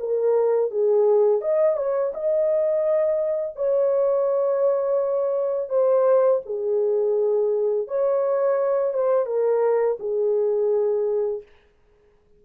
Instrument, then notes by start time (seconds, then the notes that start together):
horn
0.00 A#4
0.71 G#4
1.42 D#5
1.77 C#5
2.14 D#5
3.56 C#5
5.69 C5
6.46 G#4
7.88 C#5
8.94 C5
9.26 A#4
10.00 G#4